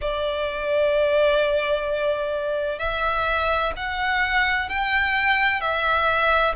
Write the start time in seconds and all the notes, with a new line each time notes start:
0.01 D5
2.79 E5
3.76 F#5
4.69 G5
5.60 E5